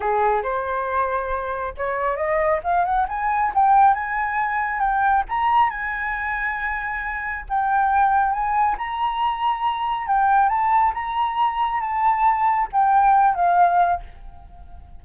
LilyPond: \new Staff \with { instrumentName = "flute" } { \time 4/4 \tempo 4 = 137 gis'4 c''2. | cis''4 dis''4 f''8 fis''8 gis''4 | g''4 gis''2 g''4 | ais''4 gis''2.~ |
gis''4 g''2 gis''4 | ais''2. g''4 | a''4 ais''2 a''4~ | a''4 g''4. f''4. | }